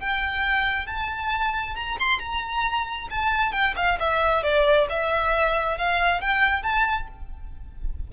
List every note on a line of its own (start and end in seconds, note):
0.00 0.87 G5
0.87 1.75 A5
1.75 1.98 A#5
2.00 2.19 C6
2.19 3.08 A#5
3.10 3.52 A5
3.52 3.74 G5
3.76 3.99 F5
3.99 4.43 E5
4.43 4.87 D5
4.89 5.78 E5
5.78 6.21 F5
6.21 6.63 G5
6.63 7.07 A5